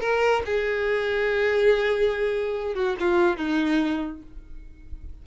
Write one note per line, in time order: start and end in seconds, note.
0.00 0.43 A#4
0.45 2.75 G#4
2.75 2.96 F#4
3.00 3.37 F4
3.37 4.22 D#4